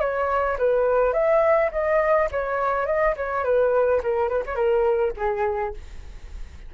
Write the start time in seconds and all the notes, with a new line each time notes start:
0.00 C#5
0.58 B4
1.13 E5
1.72 D#5
2.31 C#5
2.86 D#5
3.17 C#5
3.44 B4
4.03 A#4
4.29 B4
4.46 C#5
4.55 A#4
5.17 G#4